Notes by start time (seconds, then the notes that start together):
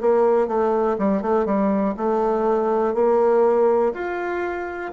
0.00 A#3
0.47 A3
0.98 G3
1.22 A3
1.45 G3
1.97 A3
2.94 A#3
3.93 F4